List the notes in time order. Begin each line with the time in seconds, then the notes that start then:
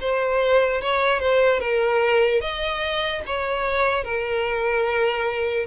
0.00 C5
0.81 C#5
1.19 C5
1.60 A#4
2.41 D#5
3.26 C#5
4.04 A#4